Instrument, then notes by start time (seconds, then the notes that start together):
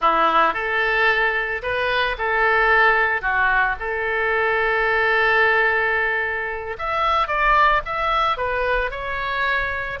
oboe
0.01 E4
0.53 A4
1.62 B4
2.17 A4
3.21 F#4
3.79 A4
6.78 E5
7.27 D5
7.85 E5
8.37 B4
8.90 C#5